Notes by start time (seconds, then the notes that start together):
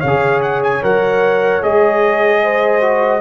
0.00 C#3 C#5 F5
0.07 G#4
0.42 F#5
0.63 G#5
0.83 F#3 A#4 F#5
1.62 G#3 G#4 D#5
2.43 C5
2.81 F#4